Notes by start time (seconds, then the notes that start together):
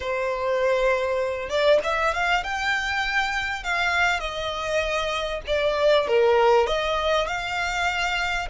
0.00 C5
1.49 D5
1.83 E5
2.13 F5
2.43 G5
3.63 F5
4.20 D#5
5.47 D5
6.07 A#4
6.67 D#5
7.27 F5